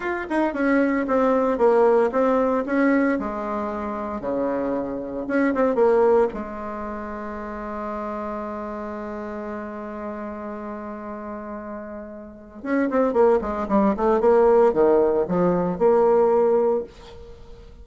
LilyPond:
\new Staff \with { instrumentName = "bassoon" } { \time 4/4 \tempo 4 = 114 f'8 dis'8 cis'4 c'4 ais4 | c'4 cis'4 gis2 | cis2 cis'8 c'8 ais4 | gis1~ |
gis1~ | gis1 | cis'8 c'8 ais8 gis8 g8 a8 ais4 | dis4 f4 ais2 | }